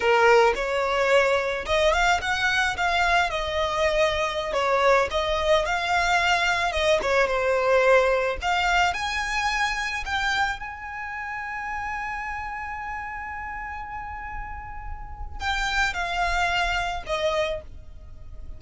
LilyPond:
\new Staff \with { instrumentName = "violin" } { \time 4/4 \tempo 4 = 109 ais'4 cis''2 dis''8 f''8 | fis''4 f''4 dis''2~ | dis''16 cis''4 dis''4 f''4.~ f''16~ | f''16 dis''8 cis''8 c''2 f''8.~ |
f''16 gis''2 g''4 gis''8.~ | gis''1~ | gis''1 | g''4 f''2 dis''4 | }